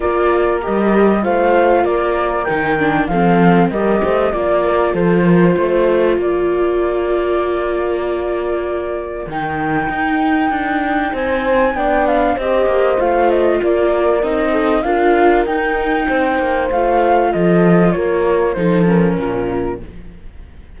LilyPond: <<
  \new Staff \with { instrumentName = "flute" } { \time 4/4 \tempo 4 = 97 d''4 dis''4 f''4 d''4 | g''4 f''4 dis''4 d''4 | c''2 d''2~ | d''2. g''4~ |
g''2 gis''4 g''8 f''8 | dis''4 f''8 dis''8 d''4 dis''4 | f''4 g''2 f''4 | dis''4 cis''4 c''8 ais'4. | }
  \new Staff \with { instrumentName = "horn" } { \time 4/4 ais'2 c''4 ais'4~ | ais'4 a'4 ais'8 c''8 d''8 ais'8 | a'8 ais'8 c''4 ais'2~ | ais'1~ |
ais'2 c''4 d''4 | c''2 ais'4. a'8 | ais'2 c''2 | a'4 ais'4 a'4 f'4 | }
  \new Staff \with { instrumentName = "viola" } { \time 4/4 f'4 g'4 f'2 | dis'8 d'8 c'4 g'4 f'4~ | f'1~ | f'2. dis'4~ |
dis'2. d'4 | g'4 f'2 dis'4 | f'4 dis'2 f'4~ | f'2 dis'8 cis'4. | }
  \new Staff \with { instrumentName = "cello" } { \time 4/4 ais4 g4 a4 ais4 | dis4 f4 g8 a8 ais4 | f4 a4 ais2~ | ais2. dis4 |
dis'4 d'4 c'4 b4 | c'8 ais8 a4 ais4 c'4 | d'4 dis'4 c'8 ais8 a4 | f4 ais4 f4 ais,4 | }
>>